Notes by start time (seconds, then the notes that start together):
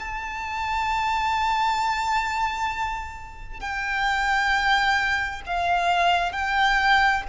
0.00 A5
3.60 G5
5.47 F5
6.33 G5